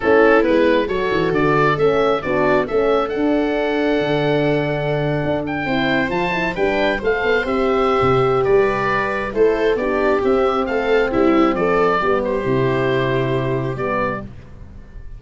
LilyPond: <<
  \new Staff \with { instrumentName = "oboe" } { \time 4/4 \tempo 4 = 135 a'4 b'4 cis''4 d''4 | e''4 d''4 e''4 fis''4~ | fis''1~ | fis''16 g''4. a''4 g''4 f''16~ |
f''8. e''2~ e''16 d''4~ | d''4 c''4 d''4 e''4 | f''4 e''4 d''4. c''8~ | c''2. d''4 | }
  \new Staff \with { instrumentName = "viola" } { \time 4/4 e'2 a'2~ | a'4 fis'4 a'2~ | a'1~ | a'8. c''2 b'4 c''16~ |
c''2. b'4~ | b'4 a'4 g'2 | a'4 e'4 a'4 g'4~ | g'1 | }
  \new Staff \with { instrumentName = "horn" } { \time 4/4 cis'4 b4 fis'2 | cis'4 d'4 cis'4 d'4~ | d'1~ | d'8. e'4 f'8 e'8 d'4 a'16~ |
a'8. g'2.~ g'16~ | g'4 e'4 d'4 c'4~ | c'2. b4 | e'2. b4 | }
  \new Staff \with { instrumentName = "tuba" } { \time 4/4 a4 gis4 fis8 e8 d4 | a4 b4 a4 d'4~ | d'4 d2~ d8. d'16~ | d'8. c'4 f4 g4 a16~ |
a16 b8 c'4~ c'16 c4 g4~ | g4 a4 b4 c'4 | a4 g4 f4 g4 | c2. g4 | }
>>